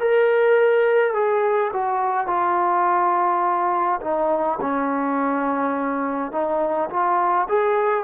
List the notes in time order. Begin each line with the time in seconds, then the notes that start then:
0.00 A#4
1.14 G#4
1.74 F#4
2.28 F4
4.02 D#4
4.62 C#4
6.33 D#4
6.90 F4
7.49 G#4